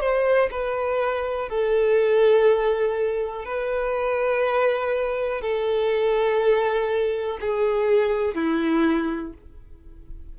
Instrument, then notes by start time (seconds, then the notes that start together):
violin
0.00 C5
0.51 B4
1.49 A4
3.45 B4
5.41 A4
7.41 G#4
8.35 E4